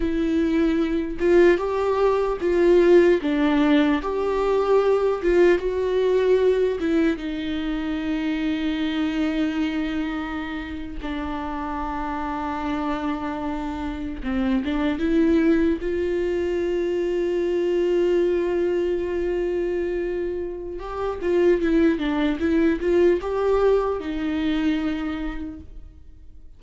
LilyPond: \new Staff \with { instrumentName = "viola" } { \time 4/4 \tempo 4 = 75 e'4. f'8 g'4 f'4 | d'4 g'4. f'8 fis'4~ | fis'8 e'8 dis'2.~ | dis'4.~ dis'16 d'2~ d'16~ |
d'4.~ d'16 c'8 d'8 e'4 f'16~ | f'1~ | f'2 g'8 f'8 e'8 d'8 | e'8 f'8 g'4 dis'2 | }